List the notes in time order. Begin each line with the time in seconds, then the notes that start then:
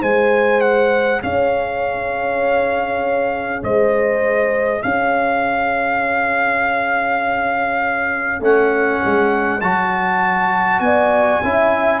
0.00 G#3 G#4 C5 G#5
0.60 F#5
1.22 C#4 C#5 F5
3.63 G#3 C5 D#5
4.82 C#4 C#5 F5
8.40 A3 C#4 F#5
9.04 G#3
9.60 F#3 F#4 A5
10.79 B3 D5 G#5
11.43 C#4 E4 E5